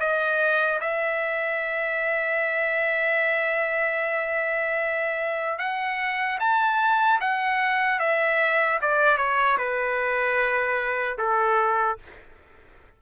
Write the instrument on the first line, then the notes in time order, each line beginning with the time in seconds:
trumpet
0.00 D#5
0.81 E5
5.59 F#5
6.40 A5
7.21 F#5
8.00 E5
8.82 D5
9.17 C#5
9.58 B4
11.18 A4